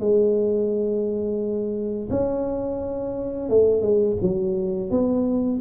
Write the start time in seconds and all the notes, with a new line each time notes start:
0.00 G#3
2.10 C#4
3.49 A3
3.82 G#3
4.22 F#3
4.91 B3